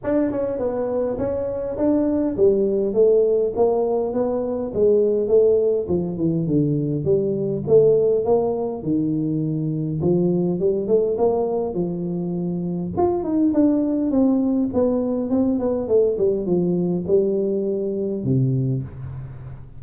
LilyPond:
\new Staff \with { instrumentName = "tuba" } { \time 4/4 \tempo 4 = 102 d'8 cis'8 b4 cis'4 d'4 | g4 a4 ais4 b4 | gis4 a4 f8 e8 d4 | g4 a4 ais4 dis4~ |
dis4 f4 g8 a8 ais4 | f2 f'8 dis'8 d'4 | c'4 b4 c'8 b8 a8 g8 | f4 g2 c4 | }